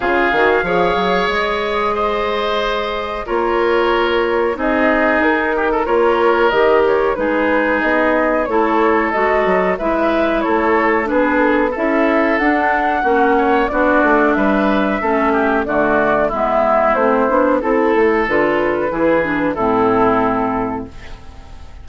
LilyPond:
<<
  \new Staff \with { instrumentName = "flute" } { \time 4/4 \tempo 4 = 92 f''2 dis''2~ | dis''4 cis''2 dis''4 | ais'4 cis''4 dis''8 cis''8 b'4 | dis''4 cis''4 dis''4 e''4 |
cis''4 b'8 a'8 e''4 fis''4~ | fis''4 d''4 e''2 | d''4 e''4 c''4 a'4 | b'2 a'2 | }
  \new Staff \with { instrumentName = "oboe" } { \time 4/4 gis'4 cis''2 c''4~ | c''4 ais'2 gis'4~ | gis'8 g'16 a'16 ais'2 gis'4~ | gis'4 a'2 b'4 |
a'4 gis'4 a'2 | fis'8 cis''8 fis'4 b'4 a'8 g'8 | fis'4 e'2 a'4~ | a'4 gis'4 e'2 | }
  \new Staff \with { instrumentName = "clarinet" } { \time 4/4 f'8 fis'8 gis'2.~ | gis'4 f'2 dis'4~ | dis'4 f'4 g'4 dis'4~ | dis'4 e'4 fis'4 e'4~ |
e'4 d'4 e'4 d'4 | cis'4 d'2 cis'4 | a4 b4 c'8 d'8 e'4 | f'4 e'8 d'8 c'2 | }
  \new Staff \with { instrumentName = "bassoon" } { \time 4/4 cis8 dis8 f8 fis8 gis2~ | gis4 ais2 c'4 | dis'4 ais4 dis4 gis4 | b4 a4 gis8 fis8 gis4 |
a4 b4 cis'4 d'4 | ais4 b8 a8 g4 a4 | d4 gis4 a8 b8 c'8 a8 | d4 e4 a,2 | }
>>